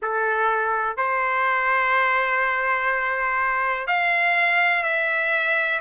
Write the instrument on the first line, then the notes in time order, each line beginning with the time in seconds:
trumpet
0.01 A4
0.96 C5
3.87 F5
4.83 E5